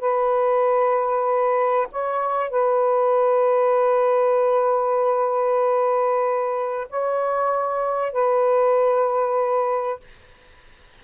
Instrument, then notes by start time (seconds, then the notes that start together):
saxophone
0.00 B4
1.92 C#5
2.50 B4
6.90 C#5
8.12 B4